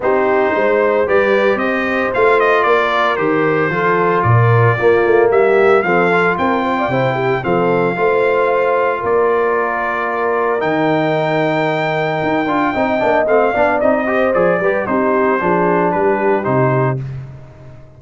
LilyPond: <<
  \new Staff \with { instrumentName = "trumpet" } { \time 4/4 \tempo 4 = 113 c''2 d''4 dis''4 | f''8 dis''8 d''4 c''2 | d''2 e''4 f''4 | g''2 f''2~ |
f''4 d''2. | g''1~ | g''4 f''4 dis''4 d''4 | c''2 b'4 c''4 | }
  \new Staff \with { instrumentName = "horn" } { \time 4/4 g'4 c''4 b'4 c''4~ | c''4 ais'2 a'4 | ais'4 f'4 g'4 a'4 | ais'8 c''16 d''16 c''8 g'8 a'4 c''4~ |
c''4 ais'2.~ | ais'1 | dis''4. d''4 c''4 b'8 | g'4 gis'4 g'2 | }
  \new Staff \with { instrumentName = "trombone" } { \time 4/4 dis'2 g'2 | f'2 g'4 f'4~ | f'4 ais2 c'8 f'8~ | f'4 e'4 c'4 f'4~ |
f'1 | dis'2.~ dis'8 f'8 | dis'8 d'8 c'8 d'8 dis'8 g'8 gis'8 g'8 | dis'4 d'2 dis'4 | }
  \new Staff \with { instrumentName = "tuba" } { \time 4/4 c'4 gis4 g4 c'4 | a4 ais4 dis4 f4 | ais,4 ais8 a8 g4 f4 | c'4 c4 f4 a4~ |
a4 ais2. | dis2. dis'8 d'8 | c'8 ais8 a8 b8 c'4 f8 g8 | c'4 f4 g4 c4 | }
>>